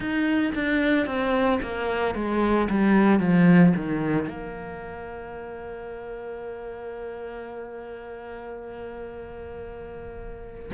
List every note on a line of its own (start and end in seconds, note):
0.00 0.52 D#4
0.54 1.06 D4
1.06 1.60 C4
1.62 2.14 A#3
2.14 2.68 G#3
2.69 3.19 G3
3.19 3.73 F3
3.75 4.28 D#3
4.28 10.70 A#3